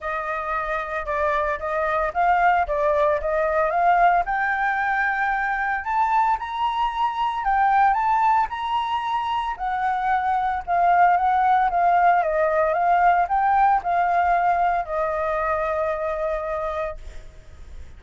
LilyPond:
\new Staff \with { instrumentName = "flute" } { \time 4/4 \tempo 4 = 113 dis''2 d''4 dis''4 | f''4 d''4 dis''4 f''4 | g''2. a''4 | ais''2 g''4 a''4 |
ais''2 fis''2 | f''4 fis''4 f''4 dis''4 | f''4 g''4 f''2 | dis''1 | }